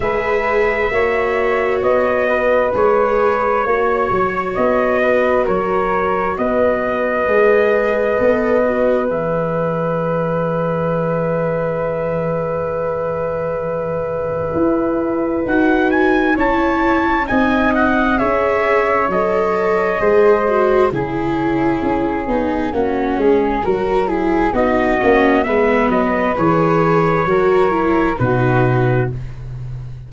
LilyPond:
<<
  \new Staff \with { instrumentName = "trumpet" } { \time 4/4 \tempo 4 = 66 e''2 dis''4 cis''4~ | cis''4 dis''4 cis''4 dis''4~ | dis''2 e''2~ | e''1~ |
e''4 fis''8 gis''8 a''4 gis''8 fis''8 | e''4 dis''2 cis''4~ | cis''2. dis''4 | e''8 dis''8 cis''2 b'4 | }
  \new Staff \with { instrumentName = "flute" } { \time 4/4 b'4 cis''4. b'4. | cis''4. b'8 ais'4 b'4~ | b'1~ | b'1~ |
b'2 cis''4 dis''4 | cis''2 c''4 gis'4~ | gis'4 fis'8 gis'8 ais'8 gis'8 fis'4 | b'2 ais'4 fis'4 | }
  \new Staff \with { instrumentName = "viola" } { \time 4/4 gis'4 fis'2 gis'4 | fis'1 | gis'4 a'8 fis'8 gis'2~ | gis'1~ |
gis'4 fis'4 e'4 dis'4 | gis'4 a'4 gis'8 fis'8 e'4~ | e'8 dis'8 cis'4 fis'8 e'8 dis'8 cis'8 | b4 gis'4 fis'8 e'8 dis'4 | }
  \new Staff \with { instrumentName = "tuba" } { \time 4/4 gis4 ais4 b4 gis4 | ais8 fis8 b4 fis4 b4 | gis4 b4 e2~ | e1 |
e'4 dis'4 cis'4 c'4 | cis'4 fis4 gis4 cis4 | cis'8 b8 ais8 gis8 fis4 b8 ais8 | gis8 fis8 e4 fis4 b,4 | }
>>